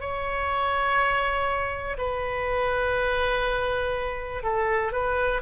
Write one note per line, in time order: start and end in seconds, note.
0.00 1.97 C#5
1.98 4.43 B4
4.43 4.92 A4
4.92 5.41 B4